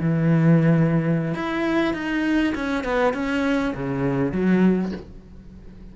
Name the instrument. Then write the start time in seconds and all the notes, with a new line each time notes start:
cello
0.00 E3
1.34 E4
1.94 D#4
2.55 C#4
2.84 B3
3.14 C#4
3.74 C#3
4.32 F#3